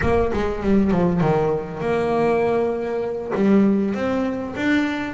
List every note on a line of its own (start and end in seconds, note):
0.01 0.31 A#3
0.33 0.62 G#3
0.62 0.91 G3
0.91 1.20 F3
1.20 1.80 D#3
1.80 3.32 A#3
3.35 3.94 G3
3.94 4.55 C4
4.56 5.13 D4